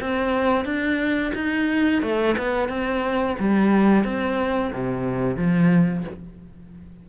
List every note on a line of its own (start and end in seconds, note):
0.00 0.65 C4
0.65 1.32 D4
1.35 2.02 D#4
2.02 2.36 A3
2.38 2.69 B3
2.69 3.36 C4
3.39 4.04 G3
4.04 4.72 C4
4.73 5.37 C3
5.37 6.04 F3